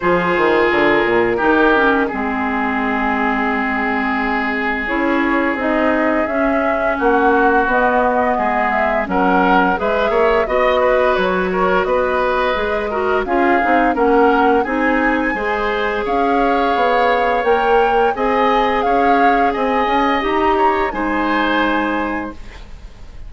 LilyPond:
<<
  \new Staff \with { instrumentName = "flute" } { \time 4/4 \tempo 4 = 86 c''4 ais'2 gis'4~ | gis'2. cis''4 | dis''4 e''4 fis''4 dis''4~ | dis''8 e''8 fis''4 e''4 dis''4 |
cis''4 dis''2 f''4 | fis''4 gis''2 f''4~ | f''4 g''4 gis''4 f''4 | gis''4 ais''4 gis''2 | }
  \new Staff \with { instrumentName = "oboe" } { \time 4/4 gis'2 g'4 gis'4~ | gis'1~ | gis'2 fis'2 | gis'4 ais'4 b'8 cis''8 dis''8 b'8~ |
b'8 ais'8 b'4. ais'8 gis'4 | ais'4 gis'4 c''4 cis''4~ | cis''2 dis''4 cis''4 | dis''4. cis''8 c''2 | }
  \new Staff \with { instrumentName = "clarinet" } { \time 4/4 f'2 dis'8 cis'8 c'4~ | c'2. e'4 | dis'4 cis'2 b4~ | b4 cis'4 gis'4 fis'4~ |
fis'2 gis'8 fis'8 f'8 dis'8 | cis'4 dis'4 gis'2~ | gis'4 ais'4 gis'2~ | gis'4 g'4 dis'2 | }
  \new Staff \with { instrumentName = "bassoon" } { \time 4/4 f8 dis8 d8 ais,8 dis4 gis4~ | gis2. cis'4 | c'4 cis'4 ais4 b4 | gis4 fis4 gis8 ais8 b4 |
fis4 b4 gis4 cis'8 c'8 | ais4 c'4 gis4 cis'4 | b4 ais4 c'4 cis'4 | c'8 cis'8 dis'4 gis2 | }
>>